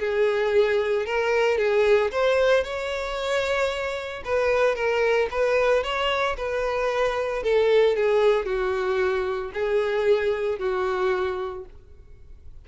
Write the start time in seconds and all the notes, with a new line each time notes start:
0.00 G#4
1.06 A#4
1.58 G#4
2.12 C5
2.64 C#5
4.25 B4
4.76 A#4
5.31 B4
5.84 C#5
6.38 B4
7.43 A4
7.97 G#4
8.46 F#4
9.54 G#4
10.59 F#4